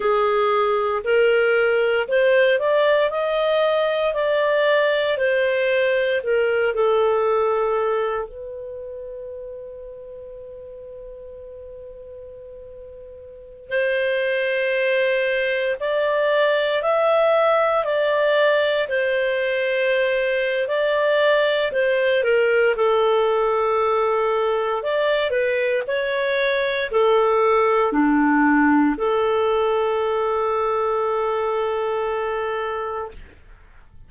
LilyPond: \new Staff \with { instrumentName = "clarinet" } { \time 4/4 \tempo 4 = 58 gis'4 ais'4 c''8 d''8 dis''4 | d''4 c''4 ais'8 a'4. | b'1~ | b'4~ b'16 c''2 d''8.~ |
d''16 e''4 d''4 c''4.~ c''16 | d''4 c''8 ais'8 a'2 | d''8 b'8 cis''4 a'4 d'4 | a'1 | }